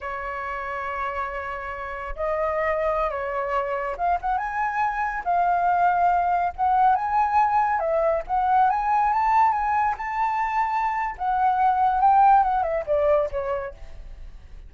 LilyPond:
\new Staff \with { instrumentName = "flute" } { \time 4/4 \tempo 4 = 140 cis''1~ | cis''4 dis''2~ dis''16 cis''8.~ | cis''4~ cis''16 f''8 fis''8 gis''4.~ gis''16~ | gis''16 f''2. fis''8.~ |
fis''16 gis''2 e''4 fis''8.~ | fis''16 gis''4 a''4 gis''4 a''8.~ | a''2 fis''2 | g''4 fis''8 e''8 d''4 cis''4 | }